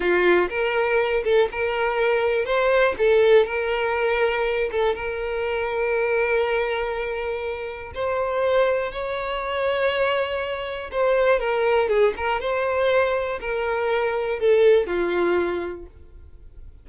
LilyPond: \new Staff \with { instrumentName = "violin" } { \time 4/4 \tempo 4 = 121 f'4 ais'4. a'8 ais'4~ | ais'4 c''4 a'4 ais'4~ | ais'4. a'8 ais'2~ | ais'1 |
c''2 cis''2~ | cis''2 c''4 ais'4 | gis'8 ais'8 c''2 ais'4~ | ais'4 a'4 f'2 | }